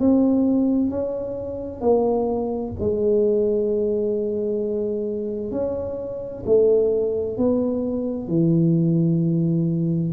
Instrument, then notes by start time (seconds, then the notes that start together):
tuba
0.00 C4
0.91 C#4
1.81 A#3
2.80 G#3
5.52 C#4
6.46 A3
7.38 B3
8.28 E3